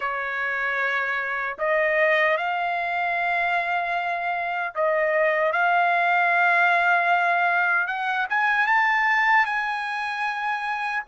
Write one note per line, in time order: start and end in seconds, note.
0.00 1.57 C#5
1.58 2.37 D#5
2.37 4.74 F5
4.74 5.52 D#5
5.52 7.87 F5
7.87 8.26 F#5
8.29 8.66 G#5
8.66 9.45 A5
9.45 11.03 G#5